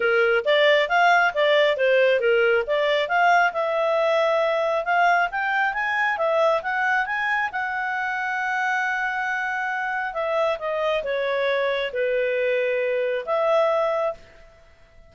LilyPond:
\new Staff \with { instrumentName = "clarinet" } { \time 4/4 \tempo 4 = 136 ais'4 d''4 f''4 d''4 | c''4 ais'4 d''4 f''4 | e''2. f''4 | g''4 gis''4 e''4 fis''4 |
gis''4 fis''2.~ | fis''2. e''4 | dis''4 cis''2 b'4~ | b'2 e''2 | }